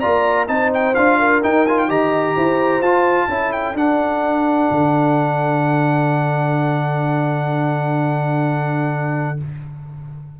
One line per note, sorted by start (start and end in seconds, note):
0.00 0.48 A#3
0.00 0.47 F4
0.00 0.47 D5
0.00 0.47 A#5
0.47 0.95 C4
0.47 0.94 D#4
0.47 1.18 C5
0.47 0.71 A5
0.74 0.95 G5
0.95 1.44 D4
0.95 1.42 F4
0.95 1.42 F5
1.18 1.88 A#4
1.42 1.66 D#4
1.42 1.89 D#4
1.42 1.67 G5
1.67 1.89 F4
1.67 1.79 G#5
1.79 1.90 G5
1.88 2.35 D#3
1.88 2.83 G4
1.88 2.35 D#5
1.88 2.82 A#5
2.35 2.81 E4
2.35 3.28 C5
2.81 3.28 F4
2.81 3.30 F4
2.81 3.52 A5
3.28 3.74 C#4
3.28 3.75 E4
3.28 9.38 A4
3.52 3.76 G5
3.74 4.68 D4
3.74 9.37 D4
3.74 9.40 F#5
4.71 9.40 D3